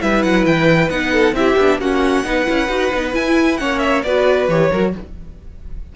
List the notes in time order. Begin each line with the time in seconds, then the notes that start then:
0.00 G3 E4 B4 E5
0.23 F#3 F#5
0.46 E3 G5
0.90 B3 D#4 F#5
1.13 A4
1.33 C4 E4 G4 E5
1.57 B3 D4
1.79 A#3 C#4 F#4 F#5
2.24 B3 D#4 B4
2.45 C#4 E4
2.69 D#4 F#4
2.94 B3 D#4
3.13 E4 G#5
3.58 A#3 C#4 C#5 F#5
3.79 E5
4.03 B3 F#4 B4 D5
4.48 E3 G4 C#5
4.71 F#3 F#4 A#4